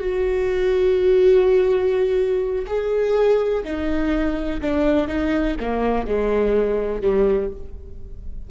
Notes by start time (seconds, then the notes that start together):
0.00 F#4
2.67 G#4
3.65 D#4
4.62 D4
5.08 D#4
5.61 A#3
6.07 G#3
7.02 G3